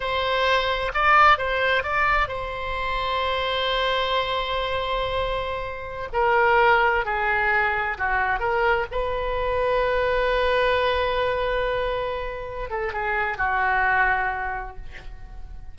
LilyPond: \new Staff \with { instrumentName = "oboe" } { \time 4/4 \tempo 4 = 130 c''2 d''4 c''4 | d''4 c''2.~ | c''1~ | c''4~ c''16 ais'2 gis'8.~ |
gis'4~ gis'16 fis'4 ais'4 b'8.~ | b'1~ | b'2.~ b'8 a'8 | gis'4 fis'2. | }